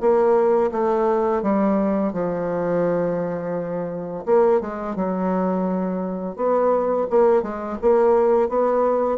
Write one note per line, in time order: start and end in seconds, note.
0.00 0.71 A#3
0.72 1.42 A3
1.42 2.12 G3
2.13 4.24 F3
4.25 4.60 A#3
4.60 4.95 G#3
4.95 6.36 F#3
6.36 7.07 B3
7.09 7.42 A#3
7.42 7.77 G#3
7.81 8.48 A#3
8.48 9.17 B3